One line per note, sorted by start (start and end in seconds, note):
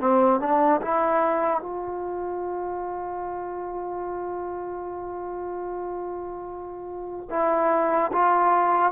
0.00 0.41 C4
0.41 0.81 D4
0.82 1.61 E4
1.61 7.29 F4
7.31 8.12 E4
8.13 8.93 F4